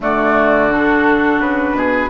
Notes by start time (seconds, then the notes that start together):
0.00 D3 A3 F#4 D5
0.70 D4 A4
1.39 C#3 B4
1.73 B2 G#4